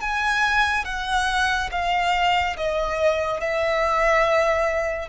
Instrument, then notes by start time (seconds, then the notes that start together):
violin
0.00 G#5
0.85 F#5
1.71 F5
2.57 D#5
3.40 E5